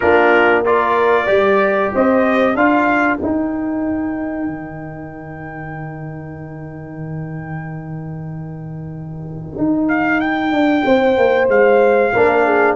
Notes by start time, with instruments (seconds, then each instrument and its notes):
0.00 tuba A#3, trombone D4, horn F4, trumpet A#4
0.65 trombone F4, horn A#4, trumpet D5
1.25 tuba G3, trombone G4, horn D5
1.93 tuba C4, horn C5, trumpet D#5
2.55 tuba D4, trombone F4, horn A#4, trumpet F5
3.17 trombone D#4, tuba D#4, trumpet G5
4.46 tuba D#3
9.57 tuba D#4
9.88 trumpet F5
10.20 trumpet G5
10.51 tuba D4
10.85 tuba C4, horn C5
11.17 tuba A#3
11.48 tuba G#3, trumpet F5
12.13 tuba A#3, trombone D4, horn A#4
12.45 horn G#4